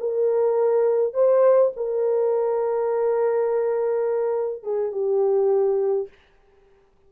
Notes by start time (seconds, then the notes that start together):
0.00 A#4
1.14 C5
1.76 A#4
4.63 G#4
4.92 G4